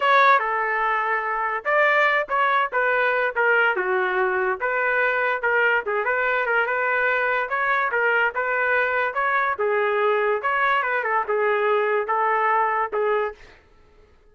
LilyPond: \new Staff \with { instrumentName = "trumpet" } { \time 4/4 \tempo 4 = 144 cis''4 a'2. | d''4. cis''4 b'4. | ais'4 fis'2 b'4~ | b'4 ais'4 gis'8 b'4 ais'8 |
b'2 cis''4 ais'4 | b'2 cis''4 gis'4~ | gis'4 cis''4 b'8 a'8 gis'4~ | gis'4 a'2 gis'4 | }